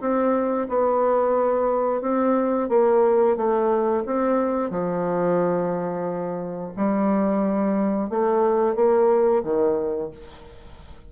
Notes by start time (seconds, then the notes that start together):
0.00 C4
0.68 B3
2.01 C4
2.69 A#3
3.36 A3
4.05 C4
4.70 F3
6.76 G3
8.09 A3
8.75 A#3
9.43 D#3